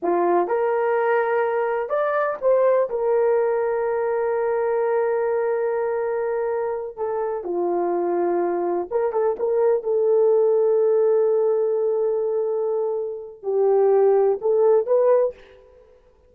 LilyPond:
\new Staff \with { instrumentName = "horn" } { \time 4/4 \tempo 4 = 125 f'4 ais'2. | d''4 c''4 ais'2~ | ais'1~ | ais'2~ ais'8 a'4 f'8~ |
f'2~ f'8 ais'8 a'8 ais'8~ | ais'8 a'2.~ a'8~ | a'1 | g'2 a'4 b'4 | }